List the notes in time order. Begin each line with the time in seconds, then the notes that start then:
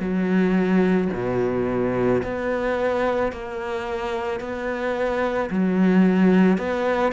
0.00 F#3
1.14 B2
2.23 B3
3.32 A#3
4.40 B3
5.50 F#3
6.58 B3